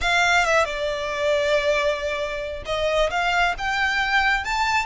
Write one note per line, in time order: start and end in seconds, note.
0.01 0.45 F5
0.45 0.64 E5
0.64 2.63 D5
2.65 3.09 D#5
3.10 3.54 F5
3.58 4.44 G5
4.44 4.85 A5